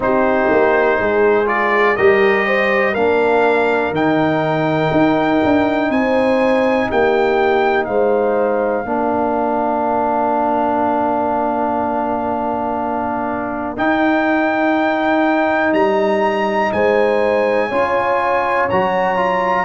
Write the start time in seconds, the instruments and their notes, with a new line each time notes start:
0.00 tuba C4, trombone D#4, horn G4, trumpet C5
0.50 tuba A#3
0.98 tuba G#3, horn G#4
1.45 trombone F4, trumpet D5
1.96 tuba G3, trombone G4, horn A#4, trumpet D#5
2.45 horn C5
2.92 tuba A#3, trombone D4, horn A#4, trumpet F5
3.91 tuba D#3, trombone D#4, trumpet G5
4.91 tuba D#4
5.44 tuba D4
5.89 tuba C4, horn C5, trumpet G#5
6.89 tuba A#3, horn G4, trumpet G5
7.83 tuba G#3, horn C5, trumpet F5
8.84 tuba A#3, trombone D4, horn A#4
13.76 tuba D#4, trombone D#4, trumpet G5
15.72 tuba G3, trumpet A#5
16.72 tuba G#3, horn C5, trumpet G#5
17.68 tuba C#4, trombone F4, horn C#5
18.69 tuba F#3, trombone F#4, trumpet A#5
19.16 trombone F4